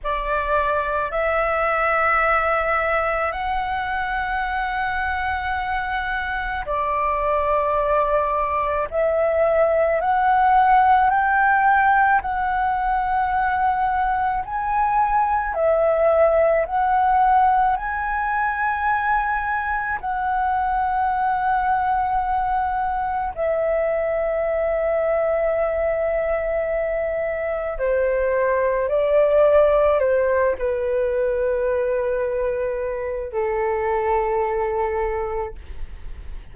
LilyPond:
\new Staff \with { instrumentName = "flute" } { \time 4/4 \tempo 4 = 54 d''4 e''2 fis''4~ | fis''2 d''2 | e''4 fis''4 g''4 fis''4~ | fis''4 gis''4 e''4 fis''4 |
gis''2 fis''2~ | fis''4 e''2.~ | e''4 c''4 d''4 c''8 b'8~ | b'2 a'2 | }